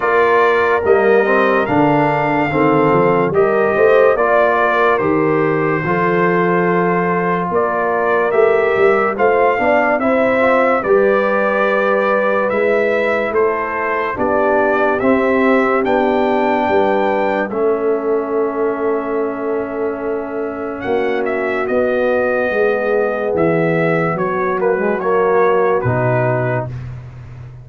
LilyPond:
<<
  \new Staff \with { instrumentName = "trumpet" } { \time 4/4 \tempo 4 = 72 d''4 dis''4 f''2 | dis''4 d''4 c''2~ | c''4 d''4 e''4 f''4 | e''4 d''2 e''4 |
c''4 d''4 e''4 g''4~ | g''4 e''2.~ | e''4 fis''8 e''8 dis''2 | e''4 cis''8 b'8 cis''4 b'4 | }
  \new Staff \with { instrumentName = "horn" } { \time 4/4 ais'2. a'4 | ais'8 c''8 d''8 ais'4. a'4~ | a'4 ais'2 c''8 d''8 | c''4 b'2. |
a'4 g'2. | b'4 a'2.~ | a'4 fis'2 gis'4~ | gis'4 fis'2. | }
  \new Staff \with { instrumentName = "trombone" } { \time 4/4 f'4 ais8 c'8 d'4 c'4 | g'4 f'4 g'4 f'4~ | f'2 g'4 f'8 d'8 | e'8 f'8 g'2 e'4~ |
e'4 d'4 c'4 d'4~ | d'4 cis'2.~ | cis'2 b2~ | b4. ais16 gis16 ais4 dis'4 | }
  \new Staff \with { instrumentName = "tuba" } { \time 4/4 ais4 g4 d4 dis8 f8 | g8 a8 ais4 dis4 f4~ | f4 ais4 a8 g8 a8 b8 | c'4 g2 gis4 |
a4 b4 c'4 b4 | g4 a2.~ | a4 ais4 b4 gis4 | e4 fis2 b,4 | }
>>